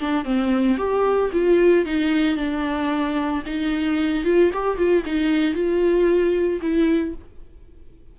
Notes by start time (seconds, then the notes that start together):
0.00 D4
0.25 C4
0.78 G4
1.33 F4
1.86 D#4
2.37 D4
3.46 D#4
4.25 F4
4.53 G4
4.78 F4
5.06 D#4
5.54 F4
6.62 E4